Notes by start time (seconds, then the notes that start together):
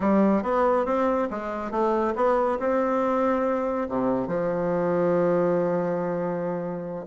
0.00 G3
0.42 B3
0.85 C4
1.30 G#3
1.71 A3
2.15 B3
2.59 C4
3.88 C3
4.27 F3